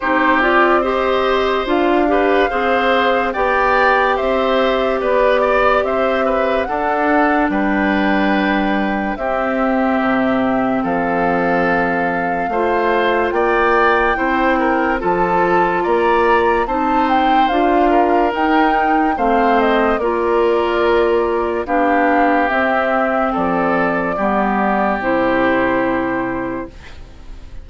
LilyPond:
<<
  \new Staff \with { instrumentName = "flute" } { \time 4/4 \tempo 4 = 72 c''8 d''8 dis''4 f''2 | g''4 e''4 d''4 e''4 | fis''4 g''2 e''4~ | e''4 f''2. |
g''2 a''4 ais''4 | a''8 g''8 f''4 g''4 f''8 dis''8 | d''2 f''4 e''4 | d''2 c''2 | }
  \new Staff \with { instrumentName = "oboe" } { \time 4/4 g'4 c''4. b'8 c''4 | d''4 c''4 b'8 d''8 c''8 b'8 | a'4 b'2 g'4~ | g'4 a'2 c''4 |
d''4 c''8 ais'8 a'4 d''4 | c''4. ais'4. c''4 | ais'2 g'2 | a'4 g'2. | }
  \new Staff \with { instrumentName = "clarinet" } { \time 4/4 dis'8 f'8 g'4 f'8 g'8 gis'4 | g'1 | d'2. c'4~ | c'2. f'4~ |
f'4 e'4 f'2 | dis'4 f'4 dis'4 c'4 | f'2 d'4 c'4~ | c'4 b4 e'2 | }
  \new Staff \with { instrumentName = "bassoon" } { \time 4/4 c'2 d'4 c'4 | b4 c'4 b4 c'4 | d'4 g2 c'4 | c4 f2 a4 |
ais4 c'4 f4 ais4 | c'4 d'4 dis'4 a4 | ais2 b4 c'4 | f4 g4 c2 | }
>>